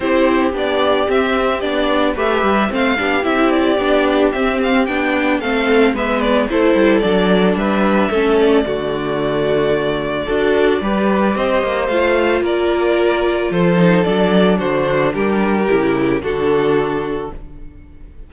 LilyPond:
<<
  \new Staff \with { instrumentName = "violin" } { \time 4/4 \tempo 4 = 111 c''4 d''4 e''4 d''4 | e''4 f''4 e''8 d''4. | e''8 f''8 g''4 f''4 e''8 d''8 | c''4 d''4 e''4. d''8~ |
d''1~ | d''4 dis''4 f''4 d''4~ | d''4 c''4 d''4 c''4 | ais'2 a'2 | }
  \new Staff \with { instrumentName = "violin" } { \time 4/4 g'1 | b'4 c''8 g'2~ g'8~ | g'2 a'4 b'4 | a'2 b'4 a'4 |
fis'2. a'4 | b'4 c''2 ais'4~ | ais'4 a'2 fis'4 | g'2 fis'2 | }
  \new Staff \with { instrumentName = "viola" } { \time 4/4 e'4 d'4 c'4 d'4 | g'4 c'8 d'8 e'4 d'4 | c'4 d'4 c'4 b4 | e'4 d'2 cis'4 |
a2. fis'4 | g'2 f'2~ | f'4. dis'8 d'2~ | d'4 e'4 d'2 | }
  \new Staff \with { instrumentName = "cello" } { \time 4/4 c'4 b4 c'4 b4 | a8 g8 a8 b8 c'4 b4 | c'4 b4 a4 gis4 | a8 g8 fis4 g4 a4 |
d2. d'4 | g4 c'8 ais8 a4 ais4~ | ais4 f4 fis4 d4 | g4 cis4 d2 | }
>>